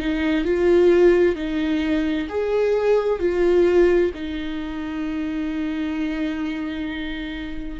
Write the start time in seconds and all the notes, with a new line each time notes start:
0.00 D#4
0.45 F4
1.36 D#4
2.30 G#4
3.20 F4
4.15 D#4